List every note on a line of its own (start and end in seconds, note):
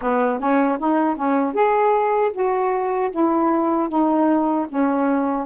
0.01 0.39 B3
0.39 0.78 C#4
0.78 1.16 D#4
1.16 1.53 C#4
1.53 2.31 G#4
2.32 3.10 F#4
3.11 3.88 E4
3.88 4.66 D#4
4.68 5.46 C#4